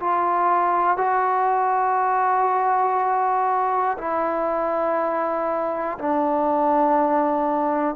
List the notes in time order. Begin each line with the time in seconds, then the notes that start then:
0.00 F4
0.98 F#4
3.98 E4
5.99 D4